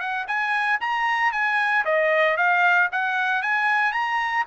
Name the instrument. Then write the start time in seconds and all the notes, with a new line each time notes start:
trumpet
0.00 F#5
0.28 G#5
0.81 A#5
1.33 G#5
1.85 D#5
2.37 F5
2.92 F#5
3.43 G#5
3.93 A#5